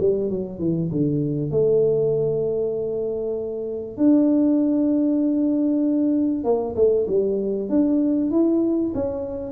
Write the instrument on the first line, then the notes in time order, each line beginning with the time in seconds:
tuba
0.00 G3
0.31 F#3
0.59 E3
0.92 D3
1.51 A3
3.98 D4
6.44 A#3
6.76 A3
7.08 G3
7.70 D4
8.31 E4
8.95 C#4